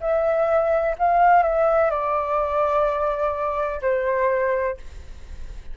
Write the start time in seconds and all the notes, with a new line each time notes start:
0.00 E5
0.98 F5
1.42 E5
1.90 D5
3.81 C5